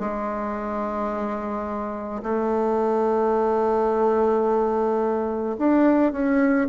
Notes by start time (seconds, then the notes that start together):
0.00 G#3
2.23 A3
5.58 D4
6.13 C#4